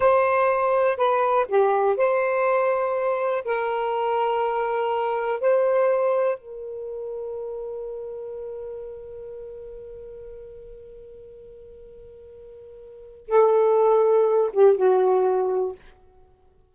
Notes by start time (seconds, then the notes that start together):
0.00 C5
0.97 B4
1.48 G4
1.96 C5
3.44 A#4
5.40 C5
6.38 A#4
13.27 A4
14.52 G4
14.76 F#4